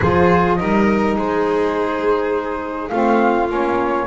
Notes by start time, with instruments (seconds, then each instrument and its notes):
0.00 double bass F3, saxophone F4, violin G#4, flute C5
0.55 double bass G3, saxophone D#4, violin A#4, flute D#5
1.15 double bass G#3, violin G#4, flute C5
2.88 double bass A3, saxophone C4, violin F4, flute F5
3.48 double bass A#3, saxophone C#4, flute C#5